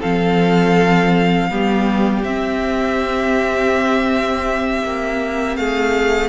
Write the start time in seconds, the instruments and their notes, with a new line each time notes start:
0.00 cello F3, viola C4, violin A4 F5
1.50 cello G3, viola B3, violin G4
2.24 cello C4, viola C4, violin E5
4.83 cello A#3
5.56 cello A3, violin G#4 F5